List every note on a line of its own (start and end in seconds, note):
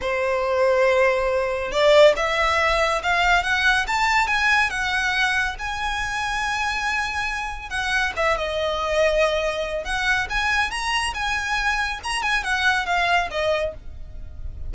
0.01 1.71 C5
1.71 2.14 D5
2.16 3.02 E5
3.02 3.43 F5
3.43 3.86 F#5
3.87 4.27 A5
4.27 4.69 G#5
4.70 5.55 F#5
5.58 7.69 G#5
7.69 8.12 F#5
8.16 8.37 E5
8.37 9.84 D#5
9.84 10.27 F#5
10.29 10.70 G#5
10.70 11.13 A#5
11.14 11.99 G#5
12.03 12.22 A#5
12.22 12.43 G#5
12.43 12.86 F#5
12.86 13.29 F5
13.30 13.73 D#5